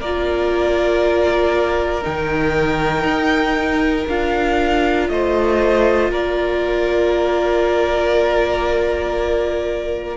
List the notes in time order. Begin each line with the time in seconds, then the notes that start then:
0.00 A#3 F4 A#4 D5
2.01 D#3 D#4 G5
3.04 D#4
4.07 D4 F4 F5
5.09 A3 C5 D#5
6.10 A#3 A#4 D5